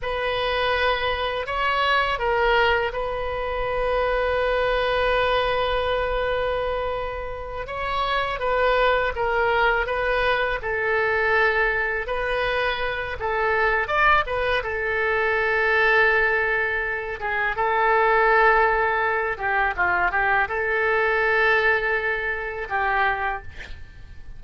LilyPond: \new Staff \with { instrumentName = "oboe" } { \time 4/4 \tempo 4 = 82 b'2 cis''4 ais'4 | b'1~ | b'2~ b'8 cis''4 b'8~ | b'8 ais'4 b'4 a'4.~ |
a'8 b'4. a'4 d''8 b'8 | a'2.~ a'8 gis'8 | a'2~ a'8 g'8 f'8 g'8 | a'2. g'4 | }